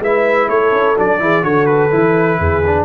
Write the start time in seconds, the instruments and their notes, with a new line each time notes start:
0.00 tuba G#3, trombone E4, horn B4, trumpet E5
0.48 tuba A3, horn A4, trumpet C#5
0.72 tuba C#4
0.96 tuba F#3, trombone D4, trumpet D5
1.20 tuba E3, trombone E4, horn G#4
1.43 tuba D3, trombone F#4, horn A4, trumpet C#5
1.66 trumpet B4
1.92 tuba E3, trombone E4
2.39 tuba E2, horn G#4
2.66 trombone D4